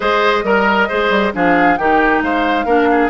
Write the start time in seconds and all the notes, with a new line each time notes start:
0.00 G#3 G#4 C5 D#5
0.43 G3 A#4
0.88 G#3 G#4 C5
1.09 G3
1.33 F3 D4 G#4 F5
1.77 D#3 D#4 G4 G5
2.21 G#3 C5 F5
2.65 A#3 D4 A#4
2.91 G#4